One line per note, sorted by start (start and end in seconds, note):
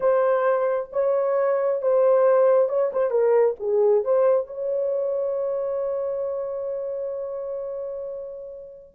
0.00 0.90 C5
0.92 1.81 C#5
1.81 2.68 C5
2.68 2.91 C#5
2.92 3.10 C5
3.10 3.55 A#4
3.59 4.04 G#4
4.04 4.47 C5
4.47 8.94 C#5